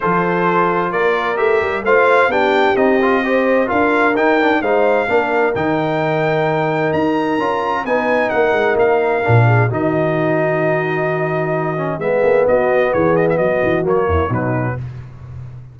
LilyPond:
<<
  \new Staff \with { instrumentName = "trumpet" } { \time 4/4 \tempo 4 = 130 c''2 d''4 e''4 | f''4 g''4 dis''2 | f''4 g''4 f''2 | g''2. ais''4~ |
ais''4 gis''4 fis''4 f''4~ | f''4 dis''2.~ | dis''2 e''4 dis''4 | cis''8 dis''16 e''16 dis''4 cis''4 b'4 | }
  \new Staff \with { instrumentName = "horn" } { \time 4/4 a'2 ais'2 | c''4 g'2 c''4 | ais'2 c''4 ais'4~ | ais'1~ |
ais'4 b'4 ais'2~ | ais'8 gis'8 fis'2.~ | fis'2 gis'4 fis'4 | gis'4 fis'4. e'8 dis'4 | }
  \new Staff \with { instrumentName = "trombone" } { \time 4/4 f'2. g'4 | f'4 d'4 dis'8 f'8 g'4 | f'4 dis'8 d'8 dis'4 d'4 | dis'1 |
f'4 dis'2. | d'4 dis'2.~ | dis'4. cis'8 b2~ | b2 ais4 fis4 | }
  \new Staff \with { instrumentName = "tuba" } { \time 4/4 f2 ais4 a8 g8 | a4 b4 c'2 | d'4 dis'4 gis4 ais4 | dis2. dis'4 |
cis'4 b4 ais8 gis8 ais4 | ais,4 dis2.~ | dis2 gis8 ais8 b4 | e4 fis8 e8 fis8 e,8 b,4 | }
>>